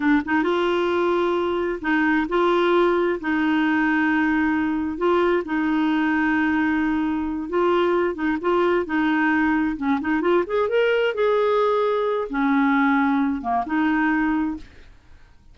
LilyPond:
\new Staff \with { instrumentName = "clarinet" } { \time 4/4 \tempo 4 = 132 d'8 dis'8 f'2. | dis'4 f'2 dis'4~ | dis'2. f'4 | dis'1~ |
dis'8 f'4. dis'8 f'4 dis'8~ | dis'4. cis'8 dis'8 f'8 gis'8 ais'8~ | ais'8 gis'2~ gis'8 cis'4~ | cis'4. ais8 dis'2 | }